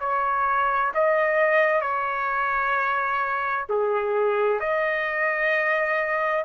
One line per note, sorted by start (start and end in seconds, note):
0.00 0.92 C#5
0.94 1.81 D#5
1.81 3.66 C#5
3.69 4.60 G#4
4.60 6.45 D#5